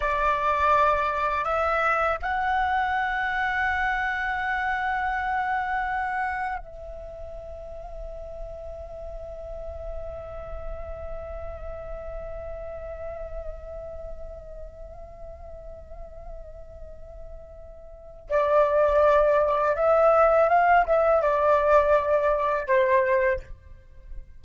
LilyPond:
\new Staff \with { instrumentName = "flute" } { \time 4/4 \tempo 4 = 82 d''2 e''4 fis''4~ | fis''1~ | fis''4 e''2.~ | e''1~ |
e''1~ | e''1~ | e''4 d''2 e''4 | f''8 e''8 d''2 c''4 | }